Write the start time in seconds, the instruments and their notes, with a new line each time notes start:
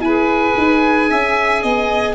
0.00 tuba E4, saxophone G#4, violin B4, oboe G#5
0.58 tuba D#4
1.10 tuba C#4, violin E5
1.62 tuba B3, violin D#5